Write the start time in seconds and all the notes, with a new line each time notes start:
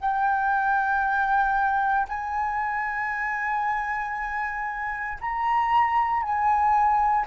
0.00 G5
2.08 G#5
5.21 A#5
6.22 G#5